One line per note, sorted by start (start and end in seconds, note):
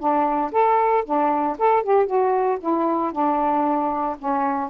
0.00 0.52 D4
0.52 1.05 A4
1.06 1.58 D4
1.59 1.83 A4
1.83 2.07 G4
2.07 2.59 F#4
2.61 3.13 E4
3.13 4.17 D4
4.19 4.70 C#4